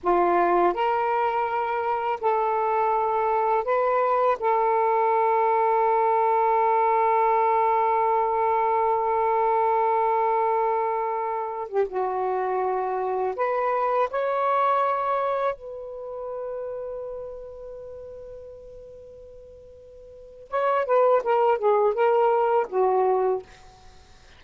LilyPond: \new Staff \with { instrumentName = "saxophone" } { \time 4/4 \tempo 4 = 82 f'4 ais'2 a'4~ | a'4 b'4 a'2~ | a'1~ | a'1 |
g'16 fis'2 b'4 cis''8.~ | cis''4~ cis''16 b'2~ b'8.~ | b'1 | cis''8 b'8 ais'8 gis'8 ais'4 fis'4 | }